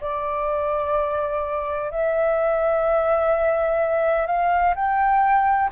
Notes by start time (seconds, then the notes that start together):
0.00 D5
1.90 E5
4.26 F5
4.75 G5